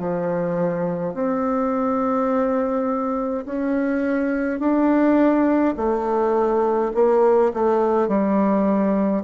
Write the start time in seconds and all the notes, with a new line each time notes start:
0.00 F3
1.14 C4
3.46 C#4
4.60 D4
5.77 A3
6.94 A#3
7.54 A3
8.08 G3